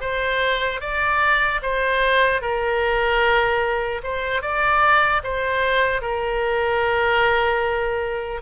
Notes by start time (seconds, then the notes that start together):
0.00 C5
0.80 D5
1.62 C5
2.41 A#4
4.03 C5
4.41 D5
5.23 C5
6.01 A#4